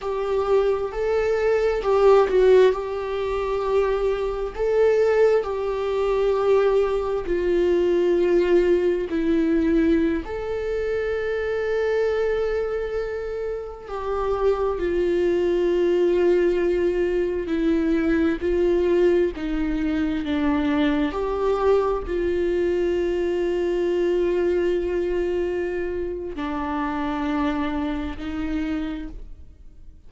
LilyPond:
\new Staff \with { instrumentName = "viola" } { \time 4/4 \tempo 4 = 66 g'4 a'4 g'8 fis'8 g'4~ | g'4 a'4 g'2 | f'2 e'4~ e'16 a'8.~ | a'2.~ a'16 g'8.~ |
g'16 f'2. e'8.~ | e'16 f'4 dis'4 d'4 g'8.~ | g'16 f'2.~ f'8.~ | f'4 d'2 dis'4 | }